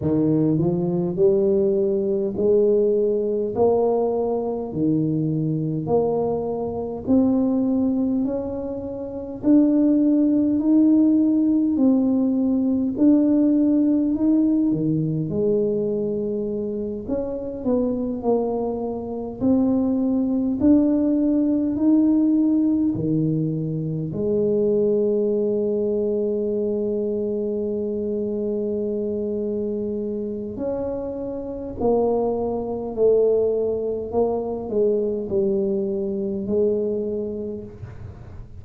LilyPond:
\new Staff \with { instrumentName = "tuba" } { \time 4/4 \tempo 4 = 51 dis8 f8 g4 gis4 ais4 | dis4 ais4 c'4 cis'4 | d'4 dis'4 c'4 d'4 | dis'8 dis8 gis4. cis'8 b8 ais8~ |
ais8 c'4 d'4 dis'4 dis8~ | dis8 gis2.~ gis8~ | gis2 cis'4 ais4 | a4 ais8 gis8 g4 gis4 | }